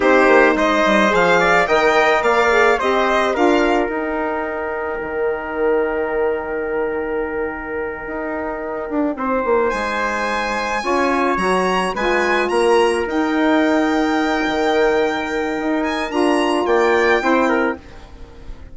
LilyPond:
<<
  \new Staff \with { instrumentName = "violin" } { \time 4/4 \tempo 4 = 108 c''4 dis''4 f''4 g''4 | f''4 dis''4 f''4 g''4~ | g''1~ | g''1~ |
g''4. gis''2~ gis''8~ | gis''8 ais''4 gis''4 ais''4 g''8~ | g''1~ | g''8 gis''8 ais''4 g''2 | }
  \new Staff \with { instrumentName = "trumpet" } { \time 4/4 g'4 c''4. d''8 dis''4 | d''4 c''4 ais'2~ | ais'1~ | ais'1~ |
ais'8 c''2. cis''8~ | cis''4. b'4 ais'4.~ | ais'1~ | ais'2 d''4 c''8 ais'8 | }
  \new Staff \with { instrumentName = "saxophone" } { \time 4/4 dis'2 gis'4 ais'4~ | ais'8 gis'8 g'4 f'4 dis'4~ | dis'1~ | dis'1~ |
dis'2.~ dis'8 f'8~ | f'8 fis'4 f'2 dis'8~ | dis'1~ | dis'4 f'2 e'4 | }
  \new Staff \with { instrumentName = "bassoon" } { \time 4/4 c'8 ais8 gis8 g8 f4 dis4 | ais4 c'4 d'4 dis'4~ | dis'4 dis2.~ | dis2~ dis8 dis'4. |
d'8 c'8 ais8 gis2 cis'8~ | cis'8 fis4 gis4 ais4 dis'8~ | dis'2 dis2 | dis'4 d'4 ais4 c'4 | }
>>